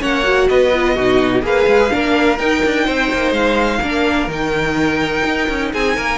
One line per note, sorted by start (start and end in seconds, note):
0.00 0.50 A#3
0.00 0.23 C#4
0.00 0.48 C#5
0.00 0.48 F#5
0.23 0.71 F#4
0.48 0.97 B3
0.48 0.95 B4
0.48 1.43 D#5
0.74 0.97 F4
0.95 1.43 B2
0.95 1.42 D#4
0.95 1.42 F#4
1.42 1.66 A#3
1.42 1.90 G#4
1.42 1.93 B4
1.42 2.38 F5
1.67 1.91 G#3
1.90 2.39 A#3
1.90 2.38 D4
1.90 2.85 A#4
2.38 3.81 D#4
2.38 2.63 D#4
2.38 3.33 G5
2.65 2.88 D4
2.85 3.12 C4
2.85 3.80 C5
3.13 3.32 A#3
3.32 3.79 G#3
3.32 4.29 F5
3.81 4.28 A#3
3.81 4.29 D4
3.81 5.72 A#4
4.28 5.23 D#3
4.28 6.18 D#4
4.28 5.73 G5
5.24 5.48 D#4
5.49 5.73 C#4
5.72 5.97 C4
5.72 5.96 G#4
5.72 6.18 G#5
5.96 6.18 A#3
5.96 6.18 A#4